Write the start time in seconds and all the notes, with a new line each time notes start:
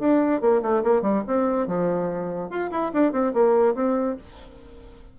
0.00 D4
0.41 A#3
0.63 A3
0.84 A#3
1.02 G3
1.28 C4
1.68 F3
2.50 F4
2.71 E4
2.94 D4
3.13 C4
3.34 A#3
3.75 C4